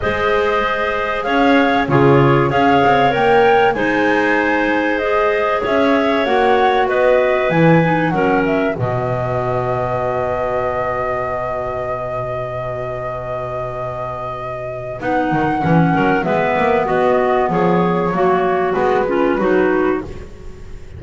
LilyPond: <<
  \new Staff \with { instrumentName = "flute" } { \time 4/4 \tempo 4 = 96 dis''2 f''4 cis''4 | f''4 g''4 gis''2 | dis''4 e''4 fis''4 dis''4 | gis''4 fis''8 e''8 dis''2~ |
dis''1~ | dis''1 | fis''2 e''4 dis''4 | cis''2 b'2 | }
  \new Staff \with { instrumentName = "clarinet" } { \time 4/4 c''2 cis''4 gis'4 | cis''2 c''2~ | c''4 cis''2 b'4~ | b'4 ais'4 b'2~ |
b'1~ | b'1~ | b'4. ais'8 b'4 fis'4 | gis'4 fis'4. f'8 fis'4 | }
  \new Staff \with { instrumentName = "clarinet" } { \time 4/4 gis'2. f'4 | gis'4 ais'4 dis'2 | gis'2 fis'2 | e'8 dis'8 cis'4 fis'2~ |
fis'1~ | fis'1 | dis'4 cis'4 b2~ | b4 ais4 b8 cis'8 dis'4 | }
  \new Staff \with { instrumentName = "double bass" } { \time 4/4 gis2 cis'4 cis4 | cis'8 c'8 ais4 gis2~ | gis4 cis'4 ais4 b4 | e4 fis4 b,2~ |
b,1~ | b,1 | b8 dis8 e8 fis8 gis8 ais8 b4 | f4 fis4 gis4 fis4 | }
>>